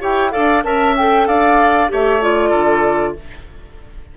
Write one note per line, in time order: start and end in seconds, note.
0.00 0.35 E4
0.00 0.31 G4
0.00 0.32 C#5
0.00 0.32 G5
0.31 0.64 D4
0.31 0.63 A4
0.31 0.64 D5
0.31 0.63 F5
0.64 1.27 C#4
0.64 0.96 A#4
0.64 1.28 E5
0.64 0.96 A5
0.97 1.89 A4
0.97 1.27 G5
1.27 1.91 D4
1.27 1.91 D5
1.27 1.91 F5
1.89 2.52 A3
1.89 2.20 G4
1.89 2.50 C#5
1.89 2.23 E5
2.21 3.16 F4
2.21 3.18 D5
2.50 3.15 D3
2.50 3.13 A4